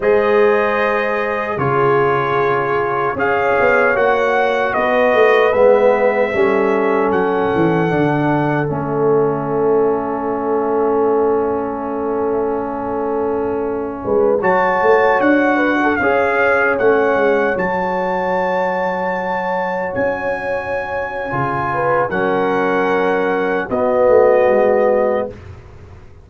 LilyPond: <<
  \new Staff \with { instrumentName = "trumpet" } { \time 4/4 \tempo 4 = 76 dis''2 cis''2 | f''4 fis''4 dis''4 e''4~ | e''4 fis''2 e''4~ | e''1~ |
e''2~ e''16 a''4 fis''8.~ | fis''16 f''4 fis''4 a''4.~ a''16~ | a''4~ a''16 gis''2~ gis''8. | fis''2 dis''2 | }
  \new Staff \with { instrumentName = "horn" } { \time 4/4 c''2 gis'2 | cis''2 b'2 | a'1~ | a'1~ |
a'4.~ a'16 b'8 cis''4. b'16 | a'16 cis''2.~ cis''8.~ | cis''2.~ cis''8 b'8 | ais'2 fis'2 | }
  \new Staff \with { instrumentName = "trombone" } { \time 4/4 gis'2 f'2 | gis'4 fis'2 b4 | cis'2 d'4 cis'4~ | cis'1~ |
cis'2~ cis'16 fis'4.~ fis'16~ | fis'16 gis'4 cis'4 fis'4.~ fis'16~ | fis'2. f'4 | cis'2 b2 | }
  \new Staff \with { instrumentName = "tuba" } { \time 4/4 gis2 cis2 | cis'8 b8 ais4 b8 a8 gis4 | g4 fis8 e8 d4 a4~ | a1~ |
a4.~ a16 gis8 fis8 a8 d'8.~ | d'16 cis'4 a8 gis8 fis4.~ fis16~ | fis4~ fis16 cis'4.~ cis'16 cis4 | fis2 b8 a8 gis4 | }
>>